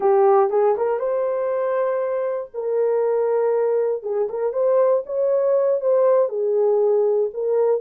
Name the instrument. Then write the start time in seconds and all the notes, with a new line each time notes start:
horn
0.00 G4
0.50 G#4
0.77 A#4
0.99 C5
2.53 A#4
4.02 G#4
4.29 A#4
4.52 C5
5.06 C#5
5.80 C5
6.29 G#4
7.33 A#4